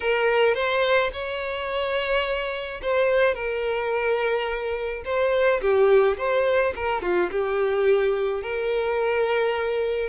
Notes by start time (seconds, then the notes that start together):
0.00 A#4
0.54 C5
1.12 C#5
2.81 C5
3.34 A#4
5.04 C5
5.61 G4
6.17 C5
6.75 A#4
7.01 F4
7.30 G4
8.42 A#4